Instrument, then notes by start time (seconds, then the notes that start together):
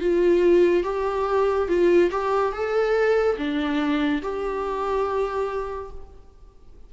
viola
0.00 F4
0.83 G4
1.68 F4
2.11 G4
2.52 A4
3.37 D4
4.22 G4